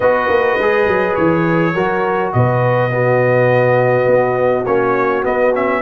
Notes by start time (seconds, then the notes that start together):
0.00 B3 F#4 B4 D#5
0.28 A#3
0.58 G#3 G#4
0.87 F#3
1.15 E3 C#5
1.74 F#3 F#4 A#4
2.33 B2 B4 D#5
2.90 B3 F#4
4.06 B3
4.65 A#3 C#4 C#5
5.22 B3 D#5
5.54 C#4 E5